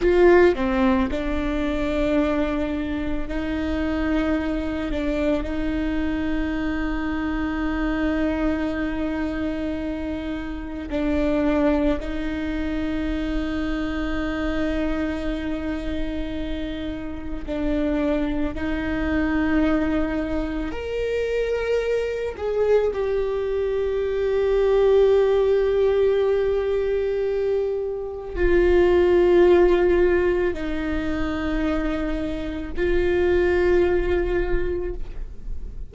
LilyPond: \new Staff \with { instrumentName = "viola" } { \time 4/4 \tempo 4 = 55 f'8 c'8 d'2 dis'4~ | dis'8 d'8 dis'2.~ | dis'2 d'4 dis'4~ | dis'1 |
d'4 dis'2 ais'4~ | ais'8 gis'8 g'2.~ | g'2 f'2 | dis'2 f'2 | }